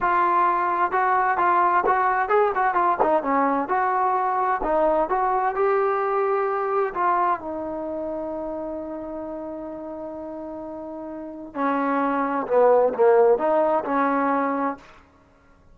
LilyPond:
\new Staff \with { instrumentName = "trombone" } { \time 4/4 \tempo 4 = 130 f'2 fis'4 f'4 | fis'4 gis'8 fis'8 f'8 dis'8 cis'4 | fis'2 dis'4 fis'4 | g'2. f'4 |
dis'1~ | dis'1~ | dis'4 cis'2 b4 | ais4 dis'4 cis'2 | }